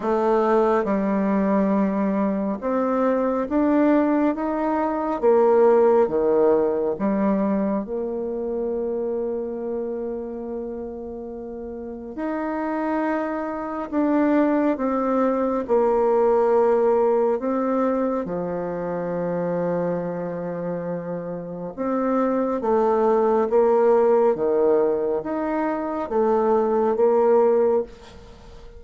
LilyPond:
\new Staff \with { instrumentName = "bassoon" } { \time 4/4 \tempo 4 = 69 a4 g2 c'4 | d'4 dis'4 ais4 dis4 | g4 ais2.~ | ais2 dis'2 |
d'4 c'4 ais2 | c'4 f2.~ | f4 c'4 a4 ais4 | dis4 dis'4 a4 ais4 | }